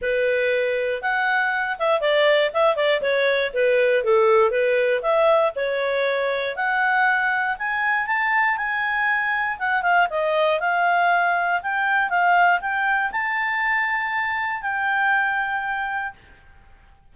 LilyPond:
\new Staff \with { instrumentName = "clarinet" } { \time 4/4 \tempo 4 = 119 b'2 fis''4. e''8 | d''4 e''8 d''8 cis''4 b'4 | a'4 b'4 e''4 cis''4~ | cis''4 fis''2 gis''4 |
a''4 gis''2 fis''8 f''8 | dis''4 f''2 g''4 | f''4 g''4 a''2~ | a''4 g''2. | }